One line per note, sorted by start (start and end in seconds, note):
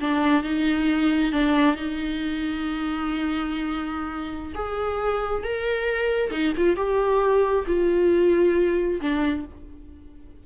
0.00 0.43 D4
0.43 1.32 D#4
1.32 1.75 D4
1.75 4.53 D#4
4.54 5.43 G#4
5.43 6.31 A#4
6.31 6.53 D#4
6.57 6.76 F4
6.76 7.65 G4
7.66 9.00 F4
9.01 9.45 D4